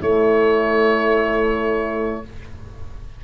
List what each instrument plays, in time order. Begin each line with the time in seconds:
0.00 tuba A3, saxophone A3, horn E4, oboe C#5